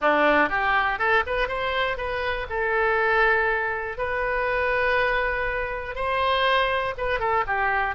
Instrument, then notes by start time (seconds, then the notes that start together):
oboe
0.01 D4
0.49 G4
0.98 A4
1.26 B4
1.48 C5
1.97 B4
2.49 A4
3.97 B4
5.95 C5
6.97 B4
7.19 A4
7.46 G4